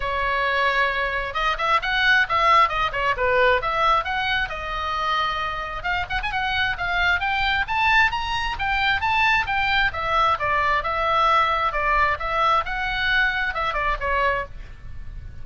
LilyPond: \new Staff \with { instrumentName = "oboe" } { \time 4/4 \tempo 4 = 133 cis''2. dis''8 e''8 | fis''4 e''4 dis''8 cis''8 b'4 | e''4 fis''4 dis''2~ | dis''4 f''8 fis''16 gis''16 fis''4 f''4 |
g''4 a''4 ais''4 g''4 | a''4 g''4 e''4 d''4 | e''2 d''4 e''4 | fis''2 e''8 d''8 cis''4 | }